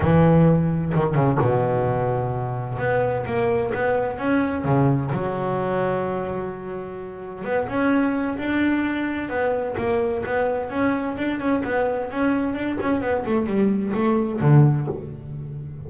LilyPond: \new Staff \with { instrumentName = "double bass" } { \time 4/4 \tempo 4 = 129 e2 dis8 cis8 b,4~ | b,2 b4 ais4 | b4 cis'4 cis4 fis4~ | fis1 |
b8 cis'4. d'2 | b4 ais4 b4 cis'4 | d'8 cis'8 b4 cis'4 d'8 cis'8 | b8 a8 g4 a4 d4 | }